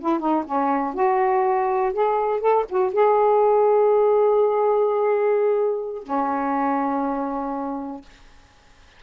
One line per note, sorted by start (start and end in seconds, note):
0.00 0.19 E4
0.19 0.44 D#4
0.45 0.94 C#4
0.94 1.93 F#4
1.93 2.40 G#4
2.40 2.65 A4
2.69 2.93 F#4
2.93 6.03 G#4
6.03 8.01 C#4